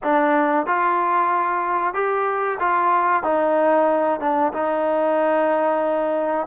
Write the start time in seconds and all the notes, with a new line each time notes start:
0.03 D4
0.66 F4
1.94 G4
2.59 F4
3.23 D#4
4.20 D4
4.53 D#4